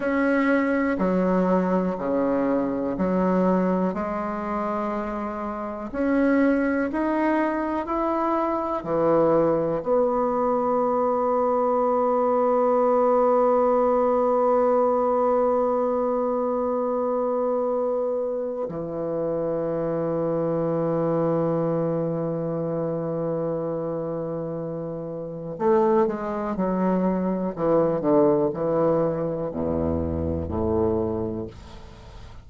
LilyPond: \new Staff \with { instrumentName = "bassoon" } { \time 4/4 \tempo 4 = 61 cis'4 fis4 cis4 fis4 | gis2 cis'4 dis'4 | e'4 e4 b2~ | b1~ |
b2. e4~ | e1~ | e2 a8 gis8 fis4 | e8 d8 e4 e,4 a,4 | }